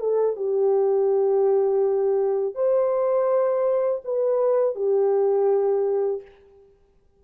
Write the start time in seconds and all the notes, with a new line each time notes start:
0.00 A4
0.36 G4
2.55 C5
4.04 B4
4.76 G4